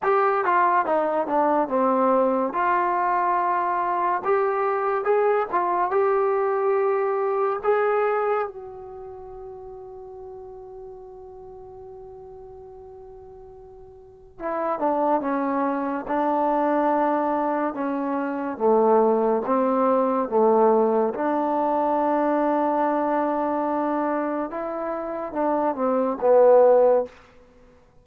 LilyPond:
\new Staff \with { instrumentName = "trombone" } { \time 4/4 \tempo 4 = 71 g'8 f'8 dis'8 d'8 c'4 f'4~ | f'4 g'4 gis'8 f'8 g'4~ | g'4 gis'4 fis'2~ | fis'1~ |
fis'4 e'8 d'8 cis'4 d'4~ | d'4 cis'4 a4 c'4 | a4 d'2.~ | d'4 e'4 d'8 c'8 b4 | }